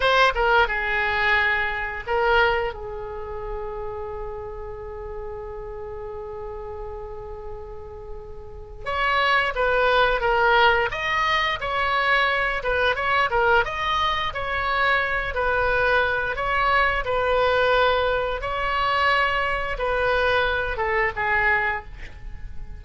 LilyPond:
\new Staff \with { instrumentName = "oboe" } { \time 4/4 \tempo 4 = 88 c''8 ais'8 gis'2 ais'4 | gis'1~ | gis'1~ | gis'4 cis''4 b'4 ais'4 |
dis''4 cis''4. b'8 cis''8 ais'8 | dis''4 cis''4. b'4. | cis''4 b'2 cis''4~ | cis''4 b'4. a'8 gis'4 | }